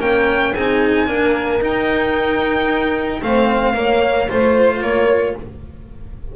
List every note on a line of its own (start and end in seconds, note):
0.00 0.54 A#3
0.00 0.54 C#4
0.00 0.53 A#4
0.00 0.54 G5
0.53 1.09 C4
0.53 1.07 D#4
0.53 1.07 G#4
0.53 1.62 G#5
1.07 1.61 A#3
1.07 1.60 D4
1.07 3.21 A#4
1.60 3.21 D#4
1.60 3.22 D#4
1.60 3.23 G5
3.22 3.74 A3
3.22 3.75 C4
3.22 3.76 C5
3.22 4.30 F5
3.74 4.28 A#3
3.74 4.31 C#5
4.28 4.81 A3
4.28 5.35 F4
4.28 4.83 C5
4.28 4.82 C5
4.81 5.35 A#3
4.81 5.36 A#4
4.81 5.36 C#5